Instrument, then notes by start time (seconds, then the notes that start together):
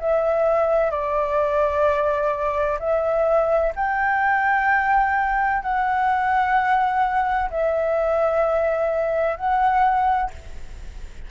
flute
0.00 E5
0.91 D5
2.79 E5
3.75 G5
5.62 F#5
7.50 E5
9.37 F#5